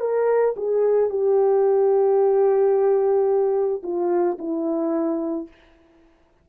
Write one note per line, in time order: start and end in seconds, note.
0.00 0.55 A#4
0.57 1.09 G#4
1.09 3.82 G4
3.83 4.37 F4
4.38 5.47 E4